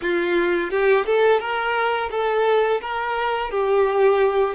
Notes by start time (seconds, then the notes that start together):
0.01 F4
0.70 G4
1.05 A4
1.40 A#4
2.11 A4
2.81 A#4
3.51 G4